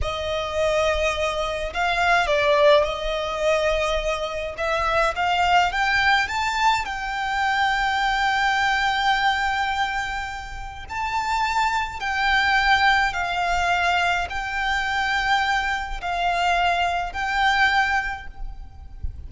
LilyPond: \new Staff \with { instrumentName = "violin" } { \time 4/4 \tempo 4 = 105 dis''2. f''4 | d''4 dis''2. | e''4 f''4 g''4 a''4 | g''1~ |
g''2. a''4~ | a''4 g''2 f''4~ | f''4 g''2. | f''2 g''2 | }